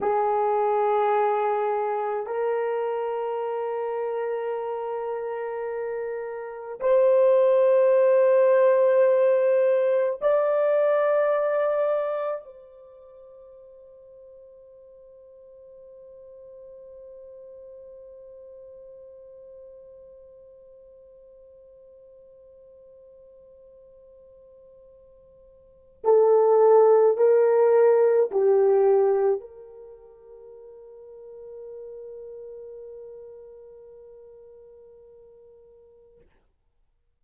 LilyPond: \new Staff \with { instrumentName = "horn" } { \time 4/4 \tempo 4 = 53 gis'2 ais'2~ | ais'2 c''2~ | c''4 d''2 c''4~ | c''1~ |
c''1~ | c''2. a'4 | ais'4 g'4 ais'2~ | ais'1 | }